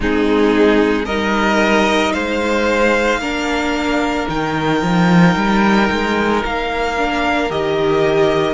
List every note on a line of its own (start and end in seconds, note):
0.00 1.06 G#3
0.00 1.07 C4
0.00 1.05 D#4
0.00 1.05 G#4
1.05 2.13 G3
1.05 3.21 D#4
1.05 2.12 A#4
1.05 2.12 D#5
2.12 3.19 G#3
2.12 3.20 C5
2.12 4.27 F5
3.19 4.26 A#3
3.19 4.28 D4
3.19 8.53 A#4
4.28 4.81 D#3
4.28 6.96 D#4
4.28 6.43 G5
4.81 5.35 F3
5.36 5.89 G3
5.90 6.44 G#3
6.44 7.50 A#3
6.44 7.50 F5
6.97 7.49 D4
7.49 8.53 D#3
7.49 8.53 G4
7.49 8.53 D#5